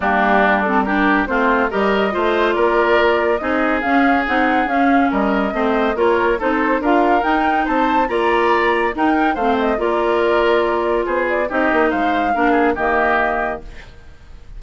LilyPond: <<
  \new Staff \with { instrumentName = "flute" } { \time 4/4 \tempo 4 = 141 g'4. a'8 ais'4 c''4 | dis''2 d''2 | dis''4 f''4 fis''4 f''4 | dis''2 cis''4 c''4 |
f''4 g''4 a''4 ais''4~ | ais''4 g''4 f''8 dis''8 d''4~ | d''2 c''8 d''8 dis''4 | f''2 dis''2 | }
  \new Staff \with { instrumentName = "oboe" } { \time 4/4 d'2 g'4 f'4 | ais'4 c''4 ais'2 | gis'1 | ais'4 c''4 ais'4 a'4 |
ais'2 c''4 d''4~ | d''4 ais'4 c''4 ais'4~ | ais'2 gis'4 g'4 | c''4 ais'8 gis'8 g'2 | }
  \new Staff \with { instrumentName = "clarinet" } { \time 4/4 ais4. c'8 d'4 c'4 | g'4 f'2. | dis'4 cis'4 dis'4 cis'4~ | cis'4 c'4 f'4 dis'4 |
f'4 dis'2 f'4~ | f'4 dis'4 c'4 f'4~ | f'2. dis'4~ | dis'4 d'4 ais2 | }
  \new Staff \with { instrumentName = "bassoon" } { \time 4/4 g2. a4 | g4 a4 ais2 | c'4 cis'4 c'4 cis'4 | g4 a4 ais4 c'4 |
d'4 dis'4 c'4 ais4~ | ais4 dis'4 a4 ais4~ | ais2 b4 c'8 ais8 | gis4 ais4 dis2 | }
>>